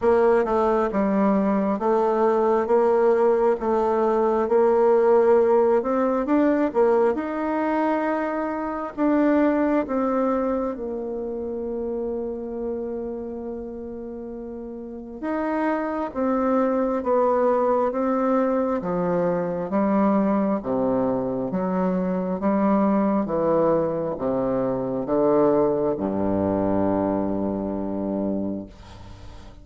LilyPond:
\new Staff \with { instrumentName = "bassoon" } { \time 4/4 \tempo 4 = 67 ais8 a8 g4 a4 ais4 | a4 ais4. c'8 d'8 ais8 | dis'2 d'4 c'4 | ais1~ |
ais4 dis'4 c'4 b4 | c'4 f4 g4 c4 | fis4 g4 e4 c4 | d4 g,2. | }